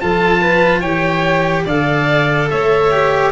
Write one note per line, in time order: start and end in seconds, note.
0.00 0.82 F3
0.00 0.84 F4
0.00 0.41 A4
0.00 0.81 A5
0.41 0.80 B4
0.80 1.66 E3
0.80 1.67 G4
0.80 1.64 C#5
0.80 1.64 G5
1.65 2.49 D3
1.65 2.92 A4
1.65 2.49 D5
1.65 2.49 F5
2.49 3.32 A3
2.49 3.32 C#5
2.49 3.32 E5
2.92 3.32 G4